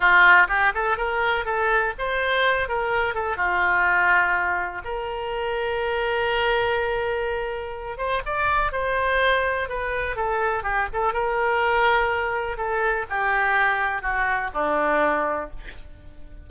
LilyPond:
\new Staff \with { instrumentName = "oboe" } { \time 4/4 \tempo 4 = 124 f'4 g'8 a'8 ais'4 a'4 | c''4. ais'4 a'8 f'4~ | f'2 ais'2~ | ais'1~ |
ais'8 c''8 d''4 c''2 | b'4 a'4 g'8 a'8 ais'4~ | ais'2 a'4 g'4~ | g'4 fis'4 d'2 | }